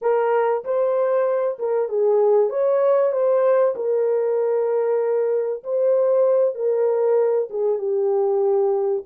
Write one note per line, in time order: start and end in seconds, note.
0.01 0.64 A#4
0.64 1.58 C5
1.58 1.88 A#4
1.88 2.49 G#4
2.49 3.12 C#5
3.12 3.74 C5
3.75 5.62 A#4
5.63 6.55 C5
6.55 7.48 A#4
7.49 7.78 G#4
7.78 9.03 G4